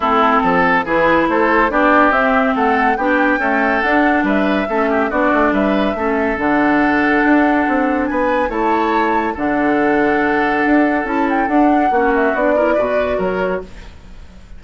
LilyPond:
<<
  \new Staff \with { instrumentName = "flute" } { \time 4/4 \tempo 4 = 141 a'2 b'4 c''4 | d''4 e''4 fis''4 g''4~ | g''4 fis''4 e''2 | d''4 e''2 fis''4~ |
fis''2. gis''4 | a''2 fis''2~ | fis''2 a''8 g''8 fis''4~ | fis''8 e''8 d''2 cis''4 | }
  \new Staff \with { instrumentName = "oboe" } { \time 4/4 e'4 a'4 gis'4 a'4 | g'2 a'4 g'4 | a'2 b'4 a'8 g'8 | fis'4 b'4 a'2~ |
a'2. b'4 | cis''2 a'2~ | a'1 | fis'4. ais'8 b'4 ais'4 | }
  \new Staff \with { instrumentName = "clarinet" } { \time 4/4 c'2 e'2 | d'4 c'2 d'4 | a4 d'2 cis'4 | d'2 cis'4 d'4~ |
d'1 | e'2 d'2~ | d'2 e'4 d'4 | cis'4 d'8 e'8 fis'2 | }
  \new Staff \with { instrumentName = "bassoon" } { \time 4/4 a4 f4 e4 a4 | b4 c'4 a4 b4 | cis'4 d'4 g4 a4 | b8 a8 g4 a4 d4~ |
d4 d'4 c'4 b4 | a2 d2~ | d4 d'4 cis'4 d'4 | ais4 b4 b,4 fis4 | }
>>